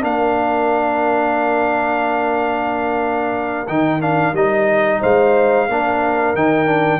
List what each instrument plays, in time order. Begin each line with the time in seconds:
0.00 tuba A#3, trombone D4, horn A#4, trumpet F5
3.68 tuba D#3, trombone D#4, trumpet G5
4.01 trombone D4, trumpet F5
4.33 tuba G3, trombone D#4, trumpet D#5
5.00 tuba G#3, horn C5, trumpet F5
5.68 tuba A#3, trombone D4, horn A#4
6.34 tuba D#3, trombone D#4, trumpet G5
6.66 trombone D4